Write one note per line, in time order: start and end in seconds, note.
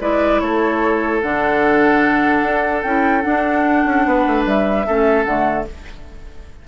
0.00 0.41 G#3
0.00 1.22 E4
0.00 0.41 B4
0.00 0.40 D5
0.40 1.22 A3
0.40 4.07 A4
0.40 1.21 C#5
1.21 2.42 D3
1.21 2.84 D4
1.21 2.82 F#5
2.42 2.83 D4
2.82 3.24 C#4
2.82 3.22 E4
2.82 3.22 G5
3.22 4.84 D4
3.22 3.85 D4
3.22 4.43 F#5
3.85 4.05 C#4
4.05 4.26 B3
4.05 4.86 B4
4.27 4.45 A3
4.45 4.86 G3
4.45 5.24 E5
4.86 5.25 A3
4.86 5.26 C#4
4.86 5.67 A4
5.24 5.66 D3
5.24 5.67 A3
5.24 5.65 F#5